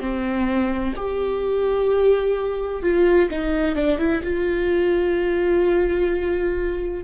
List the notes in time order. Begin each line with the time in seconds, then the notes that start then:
0.00 C4
0.96 G4
2.83 F4
3.30 D#4
3.75 D4
3.98 E4
4.23 F4